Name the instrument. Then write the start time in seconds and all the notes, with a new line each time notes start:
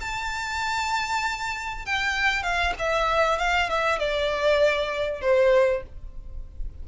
violin
0.00 A5
1.86 G5
2.43 F5
2.79 E5
3.38 F5
3.69 E5
3.99 D5
5.21 C5